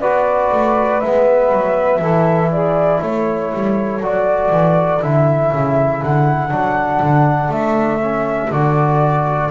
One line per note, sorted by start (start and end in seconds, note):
0.00 0.51 B3
0.00 1.02 F#4
0.00 2.00 B4
0.00 1.00 D5
0.51 1.01 A3
1.00 1.52 G#3
1.00 2.01 B3
1.00 2.50 E5
1.52 1.99 F#3
1.99 2.99 E3
1.99 4.01 E4
1.99 2.50 A4
2.51 3.00 G#4
2.51 3.01 D5
3.00 3.52 A3
3.00 9.50 A4
3.00 4.02 C#5
3.53 4.00 G3
4.00 4.50 F#3
4.00 5.00 F#4
4.00 5.02 D5
4.50 5.00 E3
5.00 5.52 D3
5.00 6.50 E4
5.00 6.02 E5
5.52 6.02 C#3
6.02 6.50 D3
6.02 7.51 F#5
6.50 7.00 F#3
6.50 8.00 D4
7.02 7.48 D3
7.48 8.48 A3
7.48 8.51 E5
8.00 8.50 C#4
8.50 9.50 D3
8.50 9.50 F#4
8.50 9.50 D5